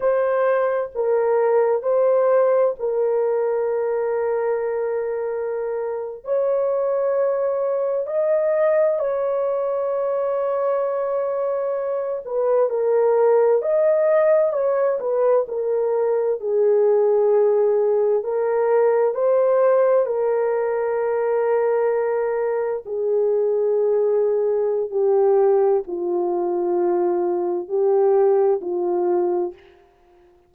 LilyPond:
\new Staff \with { instrumentName = "horn" } { \time 4/4 \tempo 4 = 65 c''4 ais'4 c''4 ais'4~ | ais'2~ ais'8. cis''4~ cis''16~ | cis''8. dis''4 cis''2~ cis''16~ | cis''4~ cis''16 b'8 ais'4 dis''4 cis''16~ |
cis''16 b'8 ais'4 gis'2 ais'16~ | ais'8. c''4 ais'2~ ais'16~ | ais'8. gis'2~ gis'16 g'4 | f'2 g'4 f'4 | }